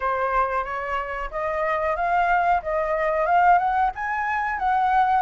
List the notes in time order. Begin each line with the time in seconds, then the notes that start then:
0.00 C5
0.64 C#5
1.30 D#5
1.96 F5
2.62 D#5
3.25 F5
3.58 F#5
3.95 G#5
4.58 F#5